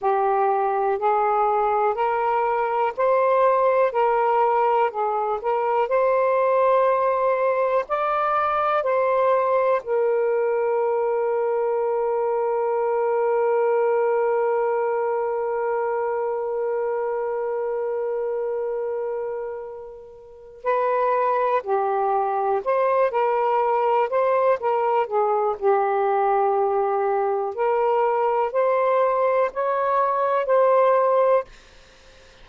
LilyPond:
\new Staff \with { instrumentName = "saxophone" } { \time 4/4 \tempo 4 = 61 g'4 gis'4 ais'4 c''4 | ais'4 gis'8 ais'8 c''2 | d''4 c''4 ais'2~ | ais'1~ |
ais'1~ | ais'4 b'4 g'4 c''8 ais'8~ | ais'8 c''8 ais'8 gis'8 g'2 | ais'4 c''4 cis''4 c''4 | }